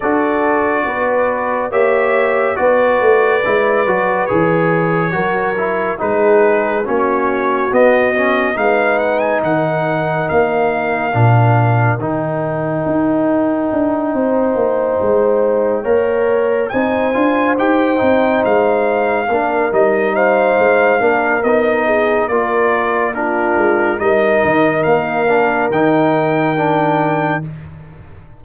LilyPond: <<
  \new Staff \with { instrumentName = "trumpet" } { \time 4/4 \tempo 4 = 70 d''2 e''4 d''4~ | d''4 cis''2 b'4 | cis''4 dis''4 f''8 fis''16 gis''16 fis''4 | f''2 g''2~ |
g''2.~ g''8 gis''8~ | gis''8 g''4 f''4. dis''8 f''8~ | f''4 dis''4 d''4 ais'4 | dis''4 f''4 g''2 | }
  \new Staff \with { instrumentName = "horn" } { \time 4/4 a'4 b'4 cis''4 b'4~ | b'2 ais'4 gis'4 | fis'2 b'4 ais'4~ | ais'1~ |
ais'8 c''2 cis''4 c''8~ | c''2~ c''8 ais'4 c''8~ | c''8 ais'4 gis'8 ais'4 f'4 | ais'1 | }
  \new Staff \with { instrumentName = "trombone" } { \time 4/4 fis'2 g'4 fis'4 | e'8 fis'8 gis'4 fis'8 e'8 dis'4 | cis'4 b8 cis'8 dis'2~ | dis'4 d'4 dis'2~ |
dis'2~ dis'8 ais'4 dis'8 | f'8 g'8 dis'4. d'8 dis'4~ | dis'8 d'8 dis'4 f'4 d'4 | dis'4. d'8 dis'4 d'4 | }
  \new Staff \with { instrumentName = "tuba" } { \time 4/4 d'4 b4 ais4 b8 a8 | gis8 fis8 e4 fis4 gis4 | ais4 b4 gis4 dis4 | ais4 ais,4 dis4 dis'4 |
d'8 c'8 ais8 gis4 ais4 c'8 | d'8 dis'8 c'8 gis4 ais8 g4 | gis8 ais8 b4 ais4. gis8 | g8 dis8 ais4 dis2 | }
>>